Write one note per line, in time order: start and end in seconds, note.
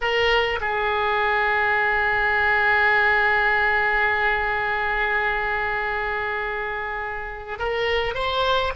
0.01 0.59 A#4
0.60 7.59 G#4
7.59 8.14 A#4
8.14 8.72 C5